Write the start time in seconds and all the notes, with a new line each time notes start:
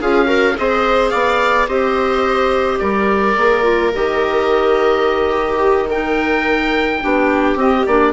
0.00 C#4 F4 G#4 F5
0.25 F#4 A#4
0.56 C4 G#4 C5 D#5
1.10 B3 D5 F5
1.68 C4 G4 C5 D#5
2.79 G3 A#4 D5
3.35 A#3 G#4
3.63 F4
3.93 D#3 G4 D#5
5.30 G4
5.89 D#4 A#4 G5
7.00 B3 D4 G4
7.55 C4 D#5
7.85 A#3 D4 D5